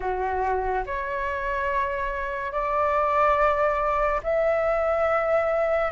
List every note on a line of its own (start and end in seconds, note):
0.00 0.84 F#4
0.86 2.51 C#5
2.51 4.20 D5
4.23 5.91 E5